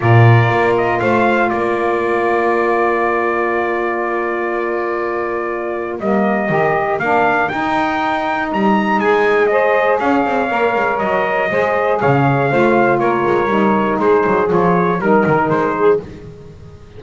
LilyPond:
<<
  \new Staff \with { instrumentName = "trumpet" } { \time 4/4 \tempo 4 = 120 d''4. dis''8 f''4 d''4~ | d''1~ | d''1 | dis''2 f''4 g''4~ |
g''4 ais''4 gis''4 dis''4 | f''2 dis''2 | f''2 cis''2 | c''4 cis''4 ais'4 c''4 | }
  \new Staff \with { instrumentName = "saxophone" } { \time 4/4 ais'2 c''4 ais'4~ | ais'1~ | ais'1~ | ais'1~ |
ais'2 gis'4 c''4 | cis''2. c''4 | cis''4 c''4 ais'2 | gis'2 ais'4. gis'8 | }
  \new Staff \with { instrumentName = "saxophone" } { \time 4/4 f'1~ | f'1~ | f'1 | ais4 g'4 d'4 dis'4~ |
dis'2. gis'4~ | gis'4 ais'2 gis'4~ | gis'4 f'2 dis'4~ | dis'4 f'4 dis'2 | }
  \new Staff \with { instrumentName = "double bass" } { \time 4/4 ais,4 ais4 a4 ais4~ | ais1~ | ais1 | g4 dis4 ais4 dis'4~ |
dis'4 g4 gis2 | cis'8 c'8 ais8 gis8 fis4 gis4 | cis4 a4 ais8 gis8 g4 | gis8 fis8 f4 g8 dis8 gis4 | }
>>